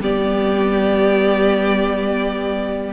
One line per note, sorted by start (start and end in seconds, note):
0.00 2.93 G3
0.00 2.93 B3
0.00 2.93 G4
0.00 2.93 D5